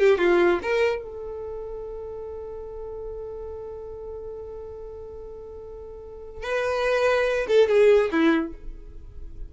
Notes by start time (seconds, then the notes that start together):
0.00 G4
0.18 F4
0.63 A#4
1.02 A4
6.43 B4
7.48 A4
7.69 G#4
8.12 E4